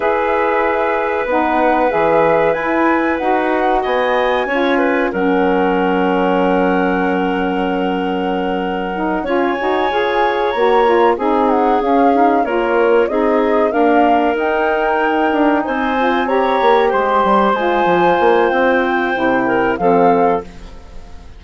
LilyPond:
<<
  \new Staff \with { instrumentName = "flute" } { \time 4/4 \tempo 4 = 94 e''2 fis''4 e''4 | gis''4 fis''4 gis''2 | fis''1~ | fis''2~ fis''8 gis''4.~ |
gis''8 ais''4 gis''8 fis''8 f''4 cis''8~ | cis''8 dis''4 f''4 g''4.~ | g''8 gis''4 ais''4 c'''4 gis''8~ | gis''4 g''2 f''4 | }
  \new Staff \with { instrumentName = "clarinet" } { \time 4/4 b'1~ | b'2 dis''4 cis''8 b'8 | ais'1~ | ais'2~ ais'8 cis''4.~ |
cis''4. gis'2 ais'8~ | ais'8 gis'4 ais'2~ ais'8~ | ais'8 c''4 cis''4 c''4.~ | c''2~ c''8 ais'8 a'4 | }
  \new Staff \with { instrumentName = "saxophone" } { \time 4/4 gis'2 dis'4 gis'4 | e'4 fis'2 f'4 | cis'1~ | cis'2 dis'8 f'8 fis'8 gis'8~ |
gis'8 fis'8 f'8 dis'4 cis'8 dis'8 f'8~ | f'8 dis'4 ais4 dis'4.~ | dis'4 f'8 g'2 f'8~ | f'2 e'4 c'4 | }
  \new Staff \with { instrumentName = "bassoon" } { \time 4/4 e'2 b4 e4 | e'4 dis'4 b4 cis'4 | fis1~ | fis2~ fis8 cis'8 dis'8 f'8~ |
f'8 ais4 c'4 cis'4 ais8~ | ais8 c'4 d'4 dis'4. | d'8 c'4. ais8 gis8 g8 gis8 | f8 ais8 c'4 c4 f4 | }
>>